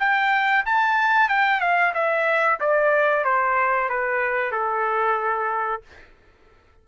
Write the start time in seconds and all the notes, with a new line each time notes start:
0.00 G5
0.66 A5
1.29 G5
1.61 F5
1.94 E5
2.60 D5
3.25 C5
3.90 B4
4.52 A4